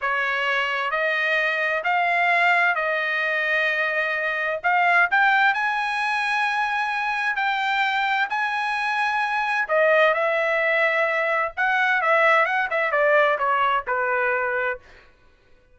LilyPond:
\new Staff \with { instrumentName = "trumpet" } { \time 4/4 \tempo 4 = 130 cis''2 dis''2 | f''2 dis''2~ | dis''2 f''4 g''4 | gis''1 |
g''2 gis''2~ | gis''4 dis''4 e''2~ | e''4 fis''4 e''4 fis''8 e''8 | d''4 cis''4 b'2 | }